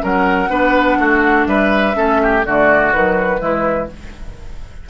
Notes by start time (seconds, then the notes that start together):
0.00 F#3 C#4 A#4 F#5
0.49 B3 D4 B4
0.99 A3 F#4
1.47 G3 B4 E5
1.94 A3 C#4 A4
2.23 G4
2.45 D3 A3 F#4 D5
2.93 D#3 F#3 B4
3.39 E3 G#3 E4